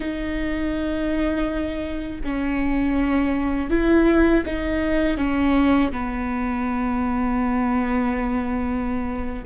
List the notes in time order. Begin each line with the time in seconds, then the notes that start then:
0.00 D#4
2.24 C#4
3.70 E4
4.45 D#4
5.17 C#4
5.91 B3